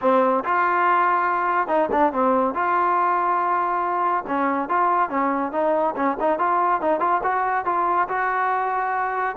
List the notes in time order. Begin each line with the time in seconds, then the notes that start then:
0.01 C4
0.44 F4
1.67 D#4
1.91 D4
2.12 C4
2.54 F4
4.27 C#4
4.68 F4
5.09 C#4
5.52 D#4
5.96 C#4
6.20 D#4
6.38 F4
6.81 D#4
7.00 F4
7.23 F#4
7.65 F4
8.08 F#4